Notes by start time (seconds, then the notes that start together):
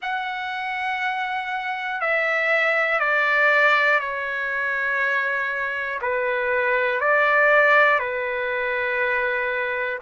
0.02 F#5
2.00 E5
3.00 D5
4.00 C#5
6.01 B4
7.00 D5
7.99 B4